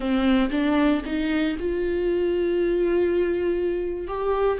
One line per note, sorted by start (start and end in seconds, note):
0.00 0.50 C4
0.50 1.02 D4
1.05 1.56 D#4
1.59 4.07 F4
4.07 4.59 G4